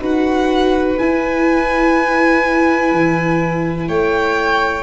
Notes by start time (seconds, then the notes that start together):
0.00 D#4 F#4 B4 F#5
0.99 E4 G#5
2.92 E3
3.89 A3 C#5 G5